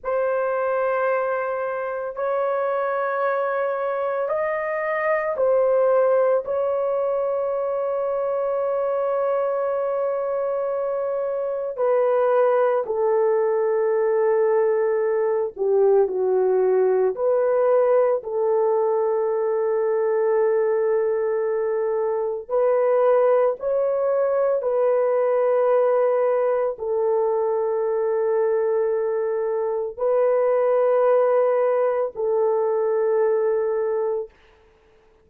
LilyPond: \new Staff \with { instrumentName = "horn" } { \time 4/4 \tempo 4 = 56 c''2 cis''2 | dis''4 c''4 cis''2~ | cis''2. b'4 | a'2~ a'8 g'8 fis'4 |
b'4 a'2.~ | a'4 b'4 cis''4 b'4~ | b'4 a'2. | b'2 a'2 | }